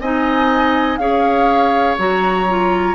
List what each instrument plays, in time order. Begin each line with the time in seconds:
0.00 bassoon C4, clarinet D#4, oboe D#5, flute G#5
0.98 bassoon C#4, clarinet G#4, oboe C#5, flute F5
1.98 bassoon F#3, clarinet F#4, flute A#5
2.49 clarinet F4